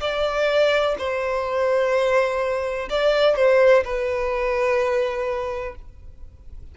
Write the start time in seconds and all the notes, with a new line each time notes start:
0.00 D5
0.98 C5
2.90 D5
3.36 C5
3.84 B4